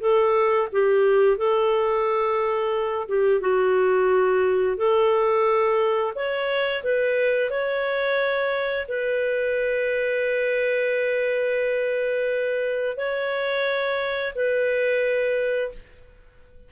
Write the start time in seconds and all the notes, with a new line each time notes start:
0.00 A4
0.72 G4
1.37 A4
3.08 G4
3.40 F#4
4.77 A4
6.15 C#5
6.83 B4
7.50 C#5
8.88 B4
12.97 C#5
14.35 B4